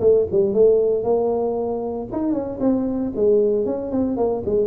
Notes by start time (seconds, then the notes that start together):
0.00 A3
0.31 G3
0.53 A3
1.03 A#3
2.12 D#4
2.33 C#4
2.60 C4
3.15 G#3
3.65 C#4
3.91 C4
4.16 A#3
4.45 G#3